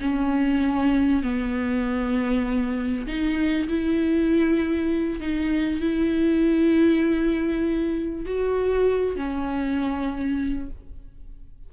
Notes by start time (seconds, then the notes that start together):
0.00 C#4
1.22 B3
3.06 D#4
3.68 E4
5.20 D#4
5.81 E4
8.25 F#4
9.16 C#4